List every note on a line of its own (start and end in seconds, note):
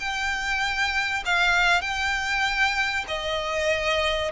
0.00 1.24 G5
1.26 1.82 F5
1.82 3.05 G5
3.08 4.32 D#5